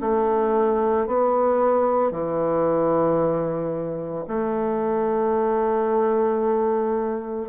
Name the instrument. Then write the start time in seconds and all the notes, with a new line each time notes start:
bassoon
0.00 A3
1.06 B3
2.10 E3
4.27 A3